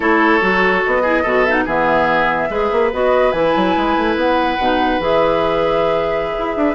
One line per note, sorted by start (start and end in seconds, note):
0.00 0.40 A3
0.00 0.40 E4
0.00 1.02 A4
0.00 0.82 C#5
0.40 0.83 F#3
0.40 1.03 F#4
0.86 1.24 B3
0.86 1.45 D#5
1.02 1.24 E4
1.02 1.22 G#4
1.22 1.65 B2
1.22 1.46 F#4
1.22 1.64 A4
1.45 1.67 D#4
1.45 1.52 E5
1.52 1.63 F#5
1.65 2.49 E3
1.65 2.50 B3
1.65 2.48 G#4
1.65 2.93 E5
2.49 2.70 G#3
2.49 2.91 G#4
2.49 6.74 B4
2.72 2.92 A#3
2.92 3.32 B3
2.92 3.33 F#4
2.92 3.31 D#5
3.31 3.53 E3
3.31 4.58 E4
3.31 4.15 G#5
3.56 3.76 F#3
3.76 3.96 G#3
3.96 4.15 A3
4.15 4.57 B3
4.15 5.01 F#5
4.58 4.99 B2
4.58 5.00 D#4
4.99 6.35 E3
4.99 6.74 G#4
4.99 6.74 E5
6.38 6.56 E4
6.56 6.74 D4